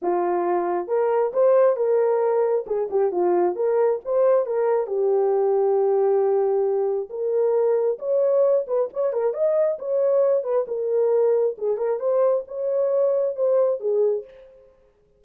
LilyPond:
\new Staff \with { instrumentName = "horn" } { \time 4/4 \tempo 4 = 135 f'2 ais'4 c''4 | ais'2 gis'8 g'8 f'4 | ais'4 c''4 ais'4 g'4~ | g'1 |
ais'2 cis''4. b'8 | cis''8 ais'8 dis''4 cis''4. b'8 | ais'2 gis'8 ais'8 c''4 | cis''2 c''4 gis'4 | }